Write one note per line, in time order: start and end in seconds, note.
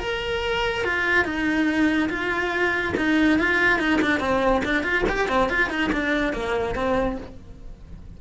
0.00 0.84 A#4
0.84 1.24 F4
1.24 2.09 D#4
2.09 2.94 F4
2.97 3.39 D#4
3.39 3.79 F4
3.79 4.00 D#4
4.01 4.20 D4
4.20 4.62 C4
4.65 4.83 D4
4.83 5.05 F4
5.09 5.29 G4
5.29 5.49 C4
5.49 5.70 F4
5.70 5.91 D#4
5.92 6.33 D4
6.33 6.75 A#3
6.75 7.17 C4